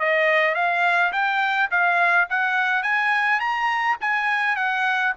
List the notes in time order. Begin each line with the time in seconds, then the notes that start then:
0.00 D#5
0.55 F5
1.13 G5
1.71 F5
2.30 F#5
2.83 G#5
3.40 A#5
4.01 G#5
4.57 F#5